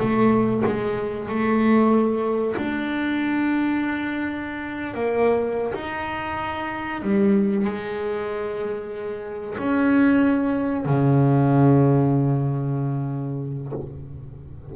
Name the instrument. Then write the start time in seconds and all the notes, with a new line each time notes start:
double bass
0.00 A3
0.66 G#3
1.29 A3
2.58 D4
4.94 A#3
5.75 D#4
7.02 G3
7.66 G#3
9.59 C#4
10.86 C#3